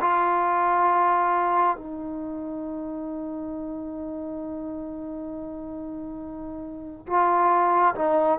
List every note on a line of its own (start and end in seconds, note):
0.00 1.76 F4
1.76 7.06 D#4
7.06 7.95 F4
7.95 8.39 D#4